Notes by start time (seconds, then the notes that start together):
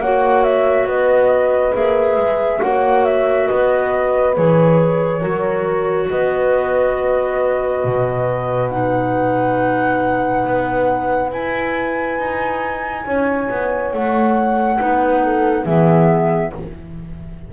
0.00 A#3 F#4 C#5 F#5
0.43 E5
0.86 B3 B4 D#5
1.73 A#3 G#4 E5
2.16 G#3
2.61 A#3 F#4 C#5 F#5
3.05 E5
3.47 B3 B4 D#5
4.34 E3 G#4 C#5
5.20 F#3 F#4 A#4
6.10 B3 B4 D#5
7.84 B2
8.69 D#4 F#5
10.45 B3
11.30 E4 G#5
12.18 D#4
13.05 C#4 C#5
13.50 B3
13.93 A3 F#5
14.78 B3 D#4 B4
15.23 A4
15.64 E3 B3 G#4 E5